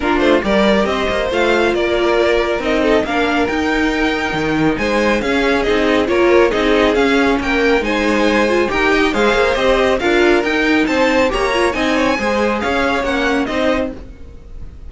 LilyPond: <<
  \new Staff \with { instrumentName = "violin" } { \time 4/4 \tempo 4 = 138 ais'8 c''8 d''4 dis''4 f''4 | d''2 dis''4 f''4 | g''2. gis''4 | f''4 dis''4 cis''4 dis''4 |
f''4 g''4 gis''2 | g''4 f''4 dis''4 f''4 | g''4 a''4 ais''4 gis''4~ | gis''4 f''4 fis''4 dis''4 | }
  \new Staff \with { instrumentName = "violin" } { \time 4/4 f'4 ais'4 c''2 | ais'2~ ais'8 a'8 ais'4~ | ais'2. c''4 | gis'2 ais'4 gis'4~ |
gis'4 ais'4 c''2 | ais'8 dis''8 c''2 ais'4~ | ais'4 c''4 cis''4 dis''8 cis''8 | c''4 cis''2 c''4 | }
  \new Staff \with { instrumentName = "viola" } { \time 4/4 d'4 g'2 f'4~ | f'2 dis'4 d'4 | dis'1 | cis'4 dis'4 f'4 dis'4 |
cis'2 dis'4. f'8 | g'4 gis'4 g'4 f'4 | dis'2 g'8 f'8 dis'4 | gis'2 cis'4 dis'4 | }
  \new Staff \with { instrumentName = "cello" } { \time 4/4 ais8 a8 g4 c'8 ais8 a4 | ais2 c'4 ais4 | dis'2 dis4 gis4 | cis'4 c'4 ais4 c'4 |
cis'4 ais4 gis2 | dis'4 gis8 ais8 c'4 d'4 | dis'4 c'4 ais4 c'4 | gis4 cis'4 ais4 c'4 | }
>>